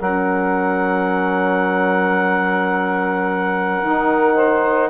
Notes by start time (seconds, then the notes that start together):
0.00 F#3 C#4 A#4 F#5
3.83 D#3 D#4
4.35 C5